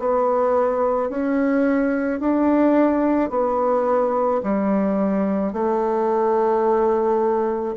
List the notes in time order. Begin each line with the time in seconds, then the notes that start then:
0.00 B3
1.10 C#4
2.20 D4
3.31 B3
4.44 G3
5.53 A3